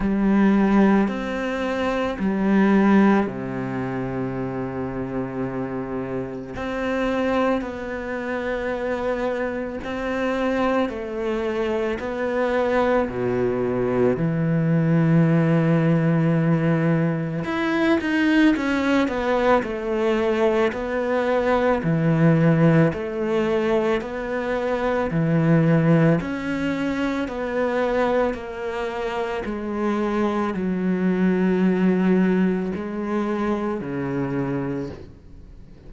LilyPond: \new Staff \with { instrumentName = "cello" } { \time 4/4 \tempo 4 = 55 g4 c'4 g4 c4~ | c2 c'4 b4~ | b4 c'4 a4 b4 | b,4 e2. |
e'8 dis'8 cis'8 b8 a4 b4 | e4 a4 b4 e4 | cis'4 b4 ais4 gis4 | fis2 gis4 cis4 | }